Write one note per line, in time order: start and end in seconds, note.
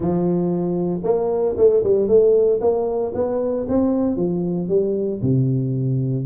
0.00 1.01 F3
1.03 1.55 A#3
1.57 1.83 A3
1.83 2.08 G3
2.08 2.60 A3
2.60 3.13 A#3
3.14 3.66 B3
3.68 4.16 C4
4.16 4.68 F3
4.68 5.20 G3
5.22 6.25 C3